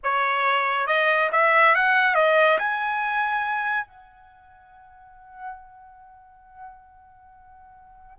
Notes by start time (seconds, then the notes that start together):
0.03 C#5
0.87 D#5
1.32 E5
1.75 F#5
2.14 D#5
2.58 G#5
3.87 F#5